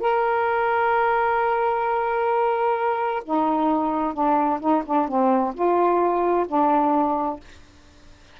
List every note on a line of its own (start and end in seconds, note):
0.00 3.23 A#4
3.25 4.13 D#4
4.13 4.59 D4
4.60 4.83 D#4
4.85 5.08 D4
5.08 5.54 C4
5.54 6.46 F4
6.47 7.40 D4